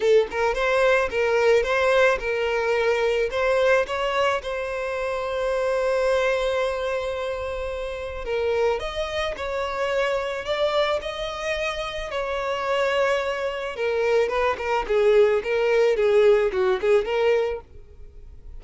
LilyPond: \new Staff \with { instrumentName = "violin" } { \time 4/4 \tempo 4 = 109 a'8 ais'8 c''4 ais'4 c''4 | ais'2 c''4 cis''4 | c''1~ | c''2. ais'4 |
dis''4 cis''2 d''4 | dis''2 cis''2~ | cis''4 ais'4 b'8 ais'8 gis'4 | ais'4 gis'4 fis'8 gis'8 ais'4 | }